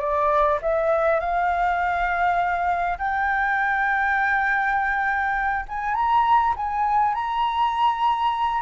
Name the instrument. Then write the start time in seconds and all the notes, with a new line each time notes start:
flute
0.00 D5
0.62 E5
1.20 F5
2.98 G5
5.68 G#5
5.94 A#5
6.56 G#5
7.14 A#5